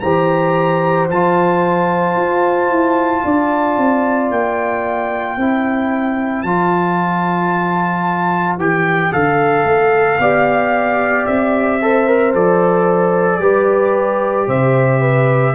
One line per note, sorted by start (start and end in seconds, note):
0.00 1.09 E3
0.00 1.10 G4
0.00 3.25 C5
0.00 1.07 A#5
1.10 2.16 F3
1.10 5.40 F4
1.10 4.31 A5
2.16 2.70 F4
2.70 3.23 E4
3.25 3.77 D4
3.25 5.39 D5
3.77 4.31 C4
4.31 5.37 A#3
4.31 6.43 G5
5.37 6.44 C4
5.37 6.46 E4
5.37 10.21 C5
6.43 8.58 F3
6.43 8.60 F4
6.43 8.57 A5
8.58 9.11 E3
8.58 9.12 G4
8.58 9.13 G5
9.12 9.65 D3
9.12 10.19 A4
9.12 11.26 F5
9.65 10.18 A3
10.19 11.26 B3
10.19 11.82 G4
10.19 11.81 D5
11.26 12.34 C4
11.26 12.33 E5
11.82 12.07 A4
11.82 13.41 C5
12.07 12.34 A#4
12.34 13.40 F3
12.34 13.41 A4
12.34 14.49 D5
13.40 14.47 G3
13.40 15.55 G4
13.40 14.48 B4
14.48 15.55 C3
14.48 15.01 C5
14.48 15.55 E5
15.01 15.54 B4